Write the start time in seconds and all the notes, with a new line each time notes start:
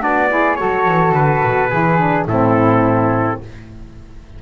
0.00 B3 D4 F#4 D5
0.29 E4 G#4
0.56 F#3 F#4 A4 C#5
0.88 E3
1.12 D3 B4
1.44 B2
1.70 E3 E4 G#4
1.98 D4
2.26 A2 C4 E4 A4